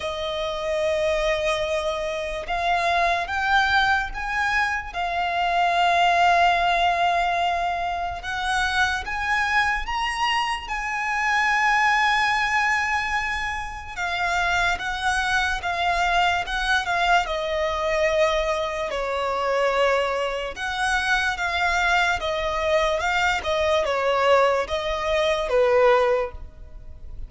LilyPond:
\new Staff \with { instrumentName = "violin" } { \time 4/4 \tempo 4 = 73 dis''2. f''4 | g''4 gis''4 f''2~ | f''2 fis''4 gis''4 | ais''4 gis''2.~ |
gis''4 f''4 fis''4 f''4 | fis''8 f''8 dis''2 cis''4~ | cis''4 fis''4 f''4 dis''4 | f''8 dis''8 cis''4 dis''4 b'4 | }